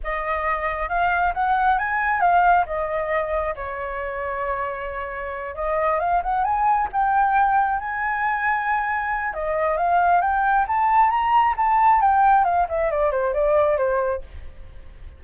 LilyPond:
\new Staff \with { instrumentName = "flute" } { \time 4/4 \tempo 4 = 135 dis''2 f''4 fis''4 | gis''4 f''4 dis''2 | cis''1~ | cis''8 dis''4 f''8 fis''8 gis''4 g''8~ |
g''4. gis''2~ gis''8~ | gis''4 dis''4 f''4 g''4 | a''4 ais''4 a''4 g''4 | f''8 e''8 d''8 c''8 d''4 c''4 | }